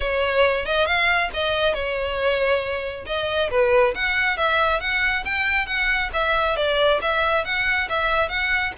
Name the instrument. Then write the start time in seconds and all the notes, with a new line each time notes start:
violin
0.00 C#5
0.65 D#5
0.85 F5
1.33 D#5
1.74 C#5
3.06 D#5
3.50 B4
3.95 F#5
4.37 E5
4.80 F#5
5.24 G5
5.66 F#5
6.13 E5
6.56 D5
7.01 E5
7.44 F#5
7.89 E5
8.28 F#5